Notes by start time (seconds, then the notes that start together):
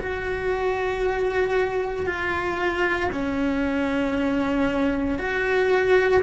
0.00 F#4
2.06 F4
3.12 C#4
5.19 F#4